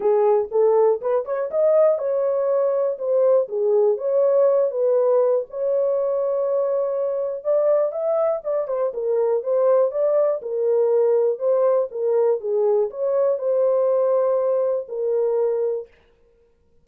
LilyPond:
\new Staff \with { instrumentName = "horn" } { \time 4/4 \tempo 4 = 121 gis'4 a'4 b'8 cis''8 dis''4 | cis''2 c''4 gis'4 | cis''4. b'4. cis''4~ | cis''2. d''4 |
e''4 d''8 c''8 ais'4 c''4 | d''4 ais'2 c''4 | ais'4 gis'4 cis''4 c''4~ | c''2 ais'2 | }